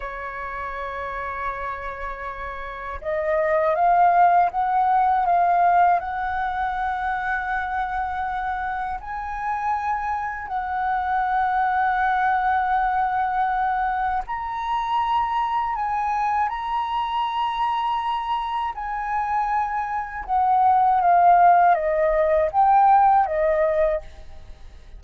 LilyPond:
\new Staff \with { instrumentName = "flute" } { \time 4/4 \tempo 4 = 80 cis''1 | dis''4 f''4 fis''4 f''4 | fis''1 | gis''2 fis''2~ |
fis''2. ais''4~ | ais''4 gis''4 ais''2~ | ais''4 gis''2 fis''4 | f''4 dis''4 g''4 dis''4 | }